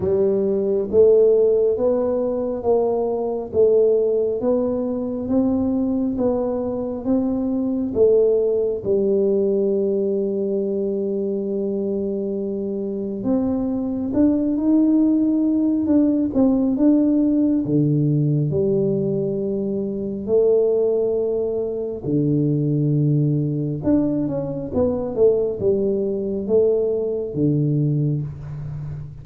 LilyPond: \new Staff \with { instrumentName = "tuba" } { \time 4/4 \tempo 4 = 68 g4 a4 b4 ais4 | a4 b4 c'4 b4 | c'4 a4 g2~ | g2. c'4 |
d'8 dis'4. d'8 c'8 d'4 | d4 g2 a4~ | a4 d2 d'8 cis'8 | b8 a8 g4 a4 d4 | }